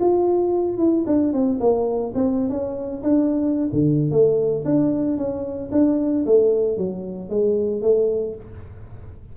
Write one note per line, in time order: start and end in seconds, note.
0.00 0.78 F4
0.78 1.05 E4
1.06 1.33 D4
1.33 1.60 C4
1.60 2.13 A#3
2.15 2.50 C4
2.50 3.03 C#4
3.03 3.69 D4
3.73 4.11 D3
4.11 4.64 A3
4.65 5.17 D4
5.17 5.70 C#4
5.72 6.25 D4
6.26 6.77 A3
6.77 7.29 F#3
7.29 7.82 G#3
7.82 8.35 A3